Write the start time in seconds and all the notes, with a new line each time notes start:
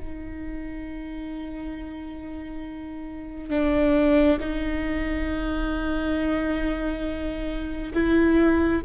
0.00 D#4
3.51 D4
4.40 D#4
7.94 E4